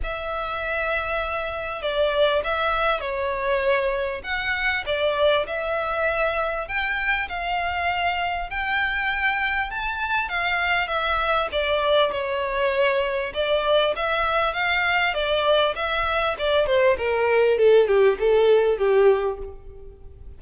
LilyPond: \new Staff \with { instrumentName = "violin" } { \time 4/4 \tempo 4 = 99 e''2. d''4 | e''4 cis''2 fis''4 | d''4 e''2 g''4 | f''2 g''2 |
a''4 f''4 e''4 d''4 | cis''2 d''4 e''4 | f''4 d''4 e''4 d''8 c''8 | ais'4 a'8 g'8 a'4 g'4 | }